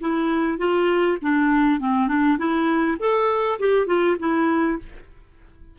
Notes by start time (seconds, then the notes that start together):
0.00 E4
0.58 F4
1.22 D4
1.80 C4
2.08 D4
2.38 E4
2.99 A4
3.59 G4
3.86 F4
4.19 E4